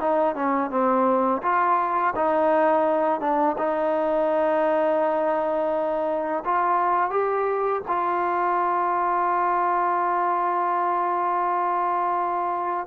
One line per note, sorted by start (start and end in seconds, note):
0.00 0.35 D#4
0.35 0.70 C#4
0.70 1.42 C4
1.43 2.14 F4
2.16 3.20 D#4
3.20 3.56 D4
3.58 6.44 D#4
6.45 7.11 F4
7.11 7.82 G4
7.88 12.87 F4